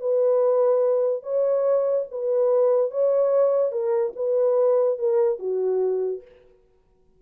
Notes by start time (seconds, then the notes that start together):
0.00 B4
1.23 C#5
2.11 B4
2.91 C#5
3.71 A#4
4.16 B4
4.99 A#4
5.39 F#4